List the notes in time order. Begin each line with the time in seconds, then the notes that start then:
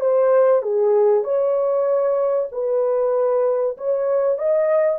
0.00 C5
0.62 G#4
1.24 C#5
2.52 B4
3.77 C#5
4.38 D#5